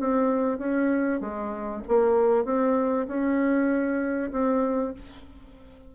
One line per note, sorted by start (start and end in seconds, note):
0.00 0.59 C4
0.59 1.21 C#4
1.21 1.83 G#3
1.88 2.45 A#3
2.45 3.07 C4
3.08 4.32 C#4
4.32 4.94 C4